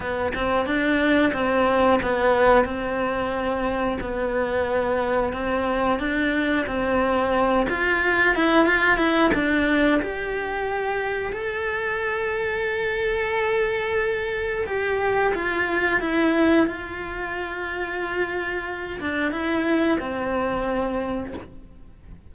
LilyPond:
\new Staff \with { instrumentName = "cello" } { \time 4/4 \tempo 4 = 90 b8 c'8 d'4 c'4 b4 | c'2 b2 | c'4 d'4 c'4. f'8~ | f'8 e'8 f'8 e'8 d'4 g'4~ |
g'4 a'2.~ | a'2 g'4 f'4 | e'4 f'2.~ | f'8 d'8 e'4 c'2 | }